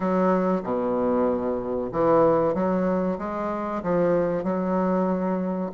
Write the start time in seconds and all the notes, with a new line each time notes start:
0.00 F#3
0.63 B2
1.92 E3
2.54 F#3
3.18 G#3
3.83 F3
4.43 F#3